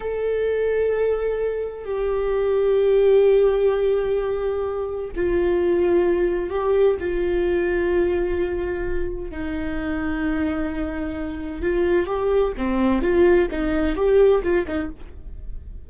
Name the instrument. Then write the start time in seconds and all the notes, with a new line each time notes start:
viola
0.00 A4
1.85 G4
5.16 F4
6.50 G4
6.99 F4
9.30 D#4
11.62 F4
12.06 G4
12.57 C4
13.01 F4
13.50 D#4
13.95 G4
14.42 F4
14.66 D#4